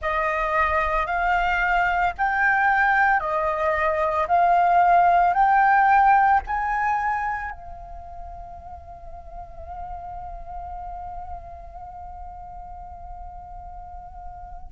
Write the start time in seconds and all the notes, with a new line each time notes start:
0.01 D#5
1.06 F5
2.17 G5
3.19 D#5
4.27 F5
5.33 G5
6.46 G#5
7.50 F5